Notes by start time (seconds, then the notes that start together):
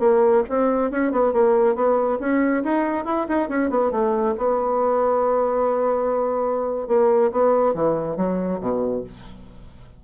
0.00 A#3
0.50 C4
0.91 C#4
1.12 B3
1.33 A#3
1.76 B3
2.20 C#4
2.64 D#4
3.05 E4
3.29 D#4
3.49 C#4
3.71 B3
3.92 A3
4.38 B3
6.88 A#3
7.32 B3
7.75 E3
8.17 F#3
8.61 B2